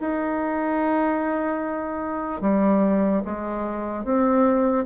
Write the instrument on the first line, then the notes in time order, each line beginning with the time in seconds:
bassoon
0.00 D#4
2.41 G3
3.25 G#3
4.04 C4